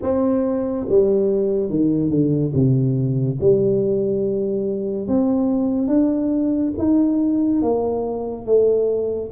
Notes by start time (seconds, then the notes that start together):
0.02 C4
0.88 G3
1.69 D#3
2.10 D3
2.54 C3
3.40 G3
5.07 C4
5.87 D4
6.78 D#4
7.61 A#3
8.45 A3